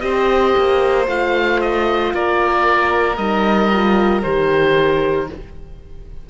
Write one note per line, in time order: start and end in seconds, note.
0.00 0.54 C4
0.00 1.06 G4
0.00 2.14 C5
0.00 1.05 D#5
0.57 1.07 A#3
1.07 2.13 A3
1.07 3.18 F4
1.07 1.61 F5
1.61 2.13 D#5
2.13 3.17 A#3
2.13 5.30 A#4
2.13 3.16 D5
3.16 4.23 G3
3.16 3.72 D#4
3.16 4.22 D#5
3.73 4.24 F4
4.23 5.29 D#3
4.23 5.29 G4
4.23 5.28 C5